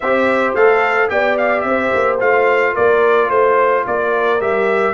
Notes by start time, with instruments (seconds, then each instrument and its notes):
0.00 tuba C4, trombone G4, horn C5, trumpet E5
0.54 tuba A3, trombone A4, trumpet F5
1.08 tuba B3, trombone G4, horn D5, trumpet G5
1.37 trumpet F5
1.60 tuba C4, trumpet E5
1.68 horn C5
1.94 tuba A#3
2.20 tuba A3, trombone F4, trumpet F5
2.73 tuba A#3, horn A#4, trumpet D5
3.29 tuba A3, trumpet C5, horn C5
3.86 tuba A#3, horn A#4, trumpet D5
4.40 tuba G3, trombone G4, trumpet E5